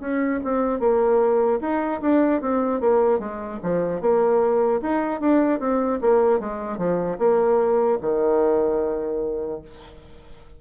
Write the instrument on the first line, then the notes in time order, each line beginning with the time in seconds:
bassoon
0.00 C#4
0.44 C4
0.80 A#3
1.61 D#4
2.01 D4
2.41 C4
2.80 A#3
3.19 G#3
3.63 F3
4.01 A#3
4.81 D#4
5.20 D4
5.59 C4
6.01 A#3
6.40 G#3
6.78 F3
7.18 A#3
8.01 D#3